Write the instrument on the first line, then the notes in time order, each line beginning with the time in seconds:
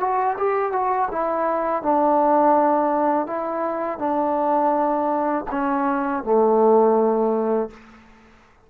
trombone
0.00 F#4
0.38 G4
0.73 F#4
1.12 E4
1.83 D4
3.27 E4
3.99 D4
5.51 C#4
6.24 A3